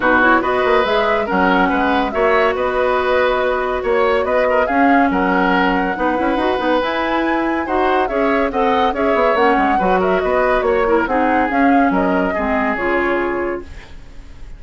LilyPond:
<<
  \new Staff \with { instrumentName = "flute" } { \time 4/4 \tempo 4 = 141 b'8 cis''8 dis''4 e''4 fis''4~ | fis''4 e''4 dis''2~ | dis''4 cis''4 dis''4 f''4 | fis''1 |
gis''2 fis''4 e''4 | fis''4 e''4 fis''4. e''8 | dis''4 cis''4 fis''4 f''4 | dis''2 cis''2 | }
  \new Staff \with { instrumentName = "oboe" } { \time 4/4 fis'4 b'2 ais'4 | b'4 cis''4 b'2~ | b'4 cis''4 b'8 ais'8 gis'4 | ais'2 b'2~ |
b'2 c''4 cis''4 | dis''4 cis''2 b'8 ais'8 | b'4 cis''8 ais'8 gis'2 | ais'4 gis'2. | }
  \new Staff \with { instrumentName = "clarinet" } { \time 4/4 dis'8 e'8 fis'4 gis'4 cis'4~ | cis'4 fis'2.~ | fis'2. cis'4~ | cis'2 dis'8 e'8 fis'8 dis'8 |
e'2 fis'4 gis'4 | a'4 gis'4 cis'4 fis'4~ | fis'4. e'8 dis'4 cis'4~ | cis'4 c'4 f'2 | }
  \new Staff \with { instrumentName = "bassoon" } { \time 4/4 b,4 b8 ais8 gis4 fis4 | gis4 ais4 b2~ | b4 ais4 b4 cis'4 | fis2 b8 cis'8 dis'8 b8 |
e'2 dis'4 cis'4 | c'4 cis'8 b8 ais8 gis8 fis4 | b4 ais4 c'4 cis'4 | fis4 gis4 cis2 | }
>>